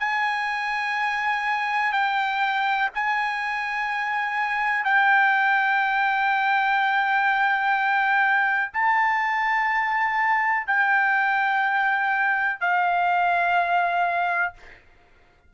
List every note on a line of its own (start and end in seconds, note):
0.00 1.93 G#5
1.93 2.89 G5
2.94 4.85 G#5
4.85 8.72 G5
8.73 10.67 A5
10.67 12.60 G5
12.60 14.54 F5